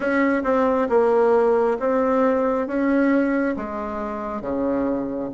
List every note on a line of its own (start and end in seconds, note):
0.00 0.42 C#4
0.43 0.87 C4
0.89 1.77 A#3
1.79 2.67 C4
2.67 3.55 C#4
3.56 4.41 G#3
4.41 5.29 C#3